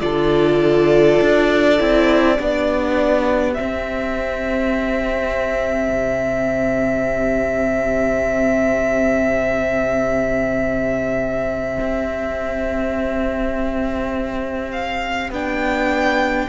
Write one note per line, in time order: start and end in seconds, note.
0.00 1.18 D3
0.00 1.77 F4
0.00 2.37 A4
0.00 3.53 D5
1.21 1.80 D4
1.78 2.38 C4
1.78 2.37 E4
2.37 3.57 B3
2.37 3.56 D4
2.37 16.48 G4
3.53 15.32 C4
3.53 14.71 E5
3.60 5.89 C4
5.89 11.77 C3
11.79 15.30 C4
14.71 15.30 F5
15.30 16.47 B3
15.30 16.49 D4
15.30 16.49 G5